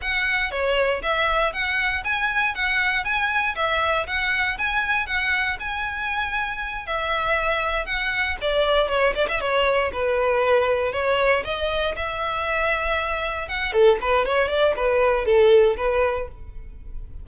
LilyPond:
\new Staff \with { instrumentName = "violin" } { \time 4/4 \tempo 4 = 118 fis''4 cis''4 e''4 fis''4 | gis''4 fis''4 gis''4 e''4 | fis''4 gis''4 fis''4 gis''4~ | gis''4. e''2 fis''8~ |
fis''8 d''4 cis''8 d''16 e''16 cis''4 b'8~ | b'4. cis''4 dis''4 e''8~ | e''2~ e''8 fis''8 a'8 b'8 | cis''8 d''8 b'4 a'4 b'4 | }